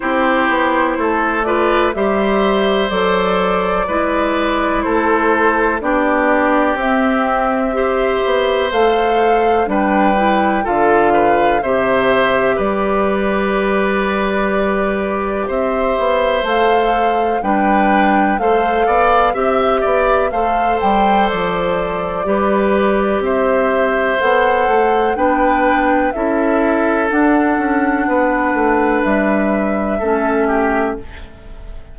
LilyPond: <<
  \new Staff \with { instrumentName = "flute" } { \time 4/4 \tempo 4 = 62 c''4. d''8 e''4 d''4~ | d''4 c''4 d''4 e''4~ | e''4 f''4 g''4 f''4 | e''4 d''2. |
e''4 f''4 g''4 f''4 | e''4 f''8 g''8 d''2 | e''4 fis''4 g''4 e''4 | fis''2 e''2 | }
  \new Staff \with { instrumentName = "oboe" } { \time 4/4 g'4 a'8 b'8 c''2 | b'4 a'4 g'2 | c''2 b'4 a'8 b'8 | c''4 b'2. |
c''2 b'4 c''8 d''8 | e''8 d''8 c''2 b'4 | c''2 b'4 a'4~ | a'4 b'2 a'8 g'8 | }
  \new Staff \with { instrumentName = "clarinet" } { \time 4/4 e'4. f'8 g'4 a'4 | e'2 d'4 c'4 | g'4 a'4 d'8 e'8 f'4 | g'1~ |
g'4 a'4 d'4 a'4 | g'4 a'2 g'4~ | g'4 a'4 d'4 e'4 | d'2. cis'4 | }
  \new Staff \with { instrumentName = "bassoon" } { \time 4/4 c'8 b8 a4 g4 fis4 | gis4 a4 b4 c'4~ | c'8 b8 a4 g4 d4 | c4 g2. |
c'8 b8 a4 g4 a8 b8 | c'8 b8 a8 g8 f4 g4 | c'4 b8 a8 b4 cis'4 | d'8 cis'8 b8 a8 g4 a4 | }
>>